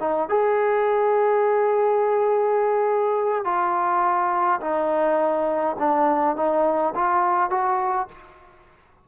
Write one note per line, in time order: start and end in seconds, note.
0.00 0.29 D#4
0.29 3.45 G#4
3.45 4.60 F4
4.60 5.76 D#4
5.79 6.36 D4
6.36 6.94 D#4
6.95 7.50 F4
7.50 8.08 F#4